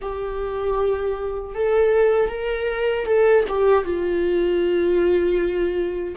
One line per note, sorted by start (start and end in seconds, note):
0.01 1.55 G4
1.55 2.29 A4
2.29 3.05 A#4
3.05 3.44 A4
3.48 3.84 G4
3.84 6.15 F4